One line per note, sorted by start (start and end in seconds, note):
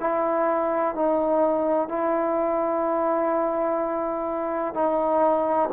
0.00 0.95 E4
0.95 1.89 D#4
1.89 4.74 E4
4.74 5.70 D#4